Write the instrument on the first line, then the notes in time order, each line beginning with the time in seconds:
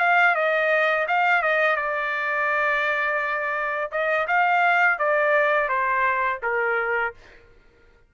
trumpet
0.00 F5
0.35 D#5
1.08 F5
1.43 D#5
1.77 D5
3.92 D#5
4.28 F5
4.99 D5
5.69 C5
6.43 A#4